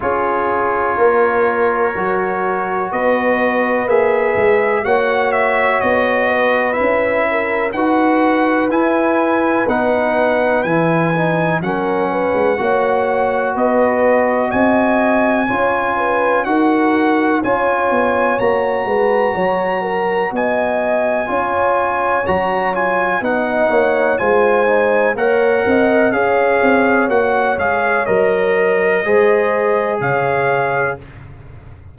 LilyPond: <<
  \new Staff \with { instrumentName = "trumpet" } { \time 4/4 \tempo 4 = 62 cis''2. dis''4 | e''4 fis''8 e''8 dis''4 e''4 | fis''4 gis''4 fis''4 gis''4 | fis''2 dis''4 gis''4~ |
gis''4 fis''4 gis''4 ais''4~ | ais''4 gis''2 ais''8 gis''8 | fis''4 gis''4 fis''4 f''4 | fis''8 f''8 dis''2 f''4 | }
  \new Staff \with { instrumentName = "horn" } { \time 4/4 gis'4 ais'2 b'4~ | b'4 cis''4. b'4 ais'8 | b'1 | ais'8 b'8 cis''4 b'4 dis''4 |
cis''8 b'8 ais'4 cis''4. b'8 | cis''8 ais'8 dis''4 cis''2 | dis''8 cis''8 c''4 cis''8 dis''8 cis''4~ | cis''2 c''4 cis''4 | }
  \new Staff \with { instrumentName = "trombone" } { \time 4/4 f'2 fis'2 | gis'4 fis'2 e'4 | fis'4 e'4 dis'4 e'8 dis'8 | cis'4 fis'2. |
f'4 fis'4 f'4 fis'4~ | fis'2 f'4 fis'8 f'8 | dis'4 f'8 dis'8 ais'4 gis'4 | fis'8 gis'8 ais'4 gis'2 | }
  \new Staff \with { instrumentName = "tuba" } { \time 4/4 cis'4 ais4 fis4 b4 | ais8 gis8 ais4 b4 cis'4 | dis'4 e'4 b4 e4 | fis8. gis16 ais4 b4 c'4 |
cis'4 dis'4 cis'8 b8 ais8 gis8 | fis4 b4 cis'4 fis4 | b8 ais8 gis4 ais8 c'8 cis'8 c'8 | ais8 gis8 fis4 gis4 cis4 | }
>>